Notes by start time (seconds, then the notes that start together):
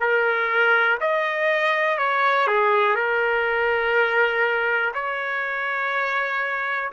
0.00 A#4
1.01 D#5
1.98 C#5
2.47 G#4
2.96 A#4
4.94 C#5